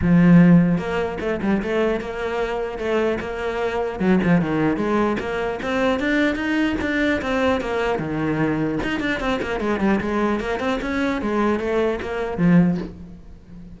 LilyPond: \new Staff \with { instrumentName = "cello" } { \time 4/4 \tempo 4 = 150 f2 ais4 a8 g8 | a4 ais2 a4 | ais2 fis8 f8 dis4 | gis4 ais4 c'4 d'4 |
dis'4 d'4 c'4 ais4 | dis2 dis'8 d'8 c'8 ais8 | gis8 g8 gis4 ais8 c'8 cis'4 | gis4 a4 ais4 f4 | }